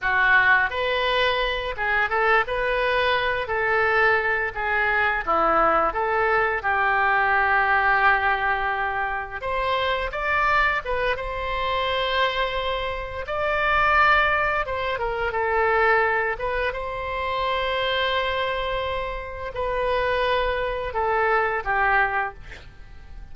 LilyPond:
\new Staff \with { instrumentName = "oboe" } { \time 4/4 \tempo 4 = 86 fis'4 b'4. gis'8 a'8 b'8~ | b'4 a'4. gis'4 e'8~ | e'8 a'4 g'2~ g'8~ | g'4. c''4 d''4 b'8 |
c''2. d''4~ | d''4 c''8 ais'8 a'4. b'8 | c''1 | b'2 a'4 g'4 | }